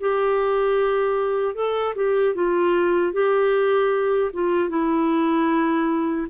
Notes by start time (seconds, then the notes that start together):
0.00 G4
1.55 A4
1.95 G4
2.35 F4
3.13 G4
4.33 F4
4.69 E4